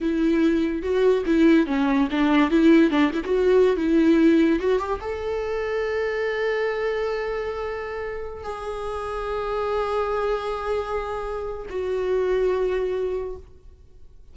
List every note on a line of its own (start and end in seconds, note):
0.01 0.82 E4
0.82 1.23 F#4
1.26 1.66 E4
1.66 2.08 C#4
2.10 2.50 D4
2.50 2.90 E4
2.90 3.11 D4
3.13 3.23 E4
3.24 3.76 F#4
3.76 4.59 E4
4.59 4.78 F#4
4.78 4.99 G4
5.00 8.43 A4
8.43 11.66 G#4
11.69 13.36 F#4